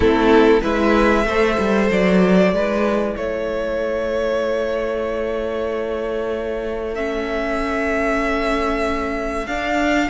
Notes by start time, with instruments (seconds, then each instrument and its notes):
0.00 cello A3, viola C4, violin E4 A4
0.61 cello G#3, viola E4, violin B4 E5
1.25 cello A3, viola A4, violin C5
1.59 cello G3
1.91 cello F#3, violin D5
2.52 cello G#3, viola E4, violin B4
3.16 cello A3, violin A4 C#5
6.94 viola C#4, violin E5
9.46 cello D4, viola D4, violin F5